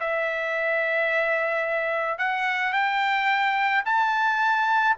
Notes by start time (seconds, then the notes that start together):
0.00 E5
2.18 F#5
2.72 G5
3.85 A5